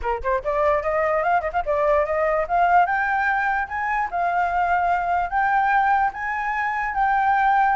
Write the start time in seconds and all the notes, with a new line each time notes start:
0.02 A#4
0.22 C5
0.44 D5
0.82 D#5
1.23 F5
1.41 D#5
1.52 F5
1.65 D5
2.05 D#5
2.47 F5
2.86 G5
3.68 G#5
4.10 F5
5.29 G5
6.13 G#5
6.94 G5